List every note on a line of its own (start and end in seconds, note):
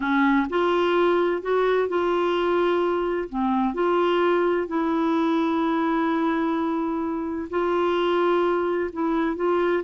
0.00 0.47 C#4
0.49 1.42 F4
1.42 1.88 F#4
1.88 3.29 F4
3.29 3.74 C4
3.74 4.67 F4
4.67 7.48 E4
7.50 8.90 F4
8.92 9.36 E4
9.36 9.83 F4